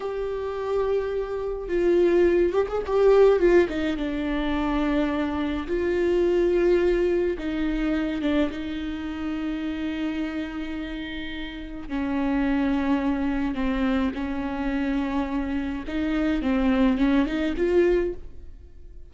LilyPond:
\new Staff \with { instrumentName = "viola" } { \time 4/4 \tempo 4 = 106 g'2. f'4~ | f'8 g'16 gis'16 g'4 f'8 dis'8 d'4~ | d'2 f'2~ | f'4 dis'4. d'8 dis'4~ |
dis'1~ | dis'4 cis'2. | c'4 cis'2. | dis'4 c'4 cis'8 dis'8 f'4 | }